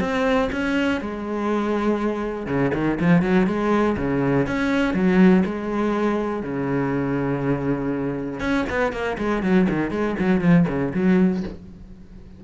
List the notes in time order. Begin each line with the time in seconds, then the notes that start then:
0.00 C4
0.52 C#4
1.01 G#3
2.46 C#3
2.74 D#3
3.00 F3
3.22 F#3
3.47 G#3
3.97 C#3
4.47 C#4
4.94 F#3
5.45 G#3
6.43 C#3
8.40 C#4
8.70 B3
8.92 A#3
9.18 G#3
9.43 F#3
9.69 D#3
9.91 G#3
10.19 F#3
10.41 F3
10.68 C#3
10.94 F#3